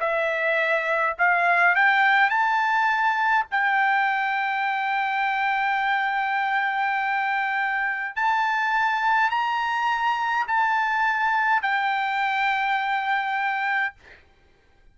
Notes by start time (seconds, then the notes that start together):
0.00 E5
1.18 F5
1.75 G5
2.30 A5
3.51 G5
8.16 A5
9.30 A#5
10.47 A5
11.62 G5